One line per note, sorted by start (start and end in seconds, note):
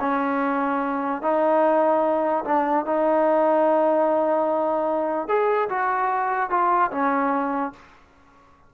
0.00 1.22 C#4
1.22 2.44 D#4
2.45 2.85 D4
2.85 5.28 D#4
5.28 5.69 G#4
5.69 6.50 F#4
6.50 6.91 F4
6.91 7.73 C#4